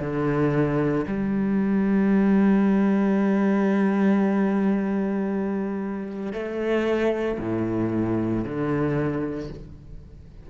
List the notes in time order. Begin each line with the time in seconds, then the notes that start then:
0.00 D3
1.07 G3
6.33 A3
7.39 A2
8.44 D3